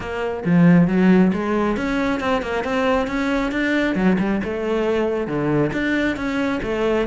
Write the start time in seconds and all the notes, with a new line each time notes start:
0.00 A#3
0.45 F3
0.87 F#3
1.33 G#3
1.76 C#4
2.19 C4
2.42 A#3
2.64 C4
3.07 C#4
3.51 D4
3.95 F#3
4.19 G3
4.44 A3
5.27 D3
5.72 D4
6.16 C#4
6.63 A3